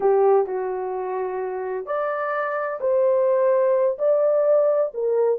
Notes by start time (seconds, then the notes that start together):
0.00 G4
0.46 F#4
1.86 D5
2.80 C5
3.98 D5
4.93 A#4